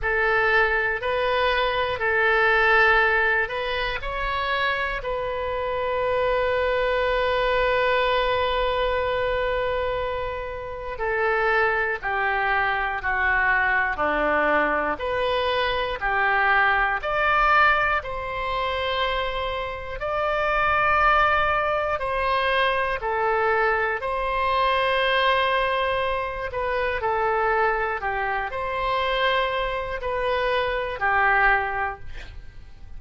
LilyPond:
\new Staff \with { instrumentName = "oboe" } { \time 4/4 \tempo 4 = 60 a'4 b'4 a'4. b'8 | cis''4 b'2.~ | b'2. a'4 | g'4 fis'4 d'4 b'4 |
g'4 d''4 c''2 | d''2 c''4 a'4 | c''2~ c''8 b'8 a'4 | g'8 c''4. b'4 g'4 | }